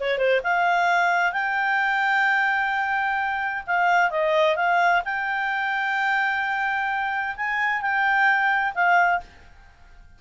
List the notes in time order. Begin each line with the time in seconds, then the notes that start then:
0.00 C#5
0.18 C5
0.44 F5
1.33 G5
3.67 F5
4.11 D#5
4.56 F5
5.05 G5
7.37 G#5
7.82 G5
8.75 F5